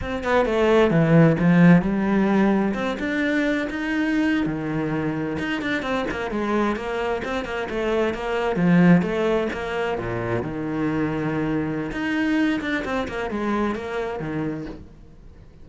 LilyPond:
\new Staff \with { instrumentName = "cello" } { \time 4/4 \tempo 4 = 131 c'8 b8 a4 e4 f4 | g2 c'8 d'4. | dis'4.~ dis'16 dis2 dis'16~ | dis'16 d'8 c'8 ais8 gis4 ais4 c'16~ |
c'16 ais8 a4 ais4 f4 a16~ | a8. ais4 ais,4 dis4~ dis16~ | dis2 dis'4. d'8 | c'8 ais8 gis4 ais4 dis4 | }